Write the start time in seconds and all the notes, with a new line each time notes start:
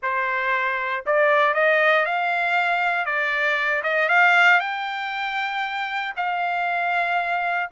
0.02 C5
1.06 D5
1.54 D#5
2.05 F5
3.05 D5
3.83 D#5
4.08 F5
4.59 G5
6.16 F5